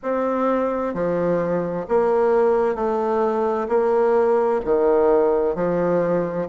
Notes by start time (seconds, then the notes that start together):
0.03 C4
0.94 F3
1.88 A#3
2.75 A3
3.68 A#3
4.64 D#3
5.55 F3